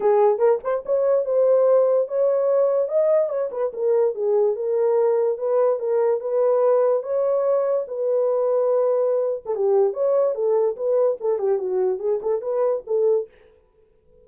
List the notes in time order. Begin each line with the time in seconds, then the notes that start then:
0.00 G#4
0.38 A#4
0.63 C5
0.85 C#5
1.25 C5
2.08 C#5
2.88 D#5
3.29 C#5
3.51 B4
3.73 A#4
4.15 G#4
4.55 A#4
5.38 B4
5.79 A#4
6.20 B4
7.02 C#5
7.87 B4
9.45 A4
9.55 G4
9.93 C#5
10.34 A4
10.76 B4
11.20 A4
11.38 G4
11.58 F#4
11.99 G#4
12.21 A4
12.41 B4
12.86 A4